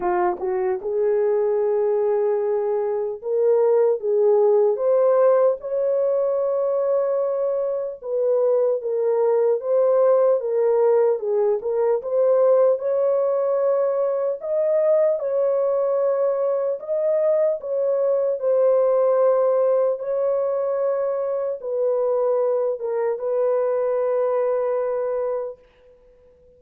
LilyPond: \new Staff \with { instrumentName = "horn" } { \time 4/4 \tempo 4 = 75 f'8 fis'8 gis'2. | ais'4 gis'4 c''4 cis''4~ | cis''2 b'4 ais'4 | c''4 ais'4 gis'8 ais'8 c''4 |
cis''2 dis''4 cis''4~ | cis''4 dis''4 cis''4 c''4~ | c''4 cis''2 b'4~ | b'8 ais'8 b'2. | }